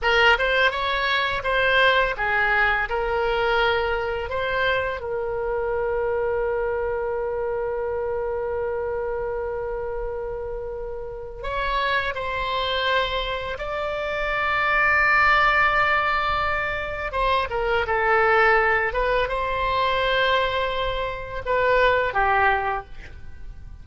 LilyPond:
\new Staff \with { instrumentName = "oboe" } { \time 4/4 \tempo 4 = 84 ais'8 c''8 cis''4 c''4 gis'4 | ais'2 c''4 ais'4~ | ais'1~ | ais'1 |
cis''4 c''2 d''4~ | d''1 | c''8 ais'8 a'4. b'8 c''4~ | c''2 b'4 g'4 | }